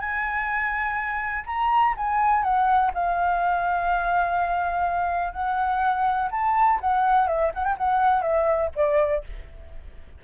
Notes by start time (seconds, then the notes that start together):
0.00 G#5
1.47 A#5
1.98 G#5
2.43 F#5
2.95 F5
5.33 F#5
6.32 A5
6.81 F#5
7.28 E5
7.55 F#5
7.65 G5
7.78 F#5
8.22 E5
8.76 D5